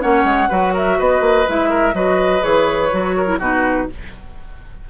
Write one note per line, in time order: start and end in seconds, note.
0.00 0.24 A#3
0.00 0.48 C#4
0.00 0.48 C#5
0.00 0.74 F#5
0.24 0.48 G#3
0.48 0.99 F#3
0.48 1.46 F#4
0.48 0.73 B4
0.73 0.97 A#4
0.73 1.00 E5
0.98 1.20 B3
0.98 1.69 B4
0.98 1.48 D#5
1.20 1.44 A#3
1.47 1.93 G#3
1.47 1.93 E4
1.47 1.95 E5
1.69 1.94 A#4
1.93 2.41 F#3
1.93 2.40 F#4
1.93 3.16 B4
1.93 2.43 D#5
2.40 2.92 E3
2.40 2.89 G#4
2.40 3.40 C#5
2.91 3.39 F#3
2.91 3.26 F#4
3.16 3.39 A#4
3.26 3.38 E4
3.39 3.87 B2
3.39 3.89 D#4
3.39 3.87 F#4
3.39 3.89 B4